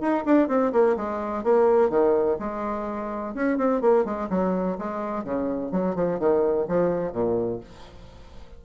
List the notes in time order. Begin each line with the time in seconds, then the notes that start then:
0.00 D#4
0.25 D4
0.48 C4
0.72 A#3
0.96 G#3
1.43 A#3
1.89 D#3
2.39 G#3
3.34 C#4
3.57 C4
3.81 A#3
4.04 G#3
4.29 F#3
4.78 G#3
5.24 C#3
5.71 F#3
5.95 F3
6.19 D#3
6.68 F3
7.12 A#2